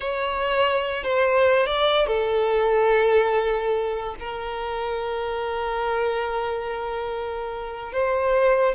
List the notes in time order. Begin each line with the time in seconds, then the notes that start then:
0.00 C#5
1.03 C5
1.66 D5
2.07 A4
4.19 A#4
7.92 C5